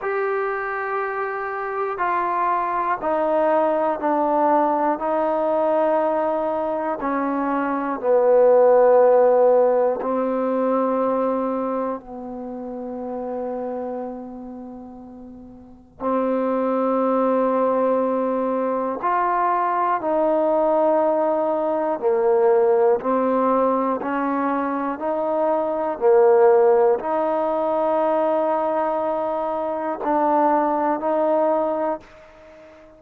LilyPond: \new Staff \with { instrumentName = "trombone" } { \time 4/4 \tempo 4 = 60 g'2 f'4 dis'4 | d'4 dis'2 cis'4 | b2 c'2 | b1 |
c'2. f'4 | dis'2 ais4 c'4 | cis'4 dis'4 ais4 dis'4~ | dis'2 d'4 dis'4 | }